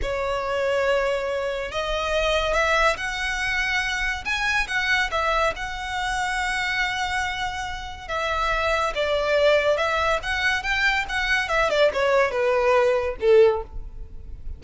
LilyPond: \new Staff \with { instrumentName = "violin" } { \time 4/4 \tempo 4 = 141 cis''1 | dis''2 e''4 fis''4~ | fis''2 gis''4 fis''4 | e''4 fis''2.~ |
fis''2. e''4~ | e''4 d''2 e''4 | fis''4 g''4 fis''4 e''8 d''8 | cis''4 b'2 a'4 | }